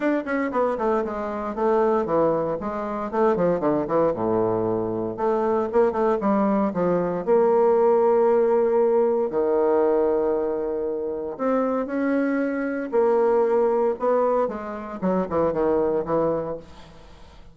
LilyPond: \new Staff \with { instrumentName = "bassoon" } { \time 4/4 \tempo 4 = 116 d'8 cis'8 b8 a8 gis4 a4 | e4 gis4 a8 f8 d8 e8 | a,2 a4 ais8 a8 | g4 f4 ais2~ |
ais2 dis2~ | dis2 c'4 cis'4~ | cis'4 ais2 b4 | gis4 fis8 e8 dis4 e4 | }